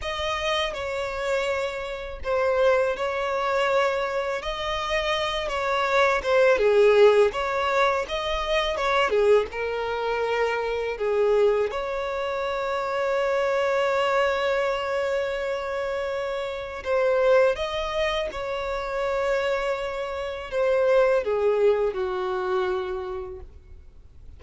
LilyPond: \new Staff \with { instrumentName = "violin" } { \time 4/4 \tempo 4 = 82 dis''4 cis''2 c''4 | cis''2 dis''4. cis''8~ | cis''8 c''8 gis'4 cis''4 dis''4 | cis''8 gis'8 ais'2 gis'4 |
cis''1~ | cis''2. c''4 | dis''4 cis''2. | c''4 gis'4 fis'2 | }